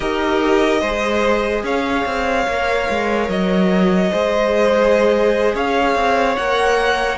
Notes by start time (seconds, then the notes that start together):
0.00 D#4 G4 A#4 D#5
0.80 G#3 G#4 C5
1.63 C#4 C#5 F5
2.05 C4
2.47 A#3 A#4
2.89 G#3
3.28 F#3 D#5
4.10 G#3 G#4 C5
5.54 C#4 C#5 F5
5.95 C4
6.36 A#3 A#4 F#5